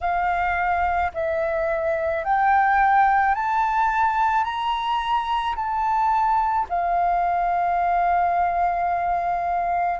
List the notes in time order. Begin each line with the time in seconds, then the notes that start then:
0.00 F5
1.14 E5
2.24 G5
3.34 A5
4.43 A#5
5.56 A5
6.69 F5